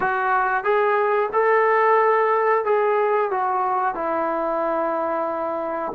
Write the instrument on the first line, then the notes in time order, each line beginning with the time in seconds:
trombone
0.00 F#4
0.64 G#4
1.32 A4
2.64 G#4
3.30 F#4
3.94 E4